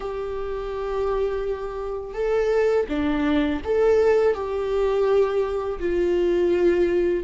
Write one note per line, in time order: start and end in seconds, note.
0.00 2.14 G4
2.14 2.86 A4
2.88 3.61 D4
3.64 4.34 A4
4.34 5.79 G4
5.79 7.24 F4